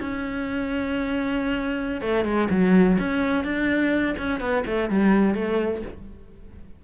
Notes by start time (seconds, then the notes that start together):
0.00 C#4
2.02 A3
2.25 G#3
2.50 F#3
2.99 C#4
3.44 D4
4.18 C#4
4.40 B3
4.66 A3
4.90 G3
5.35 A3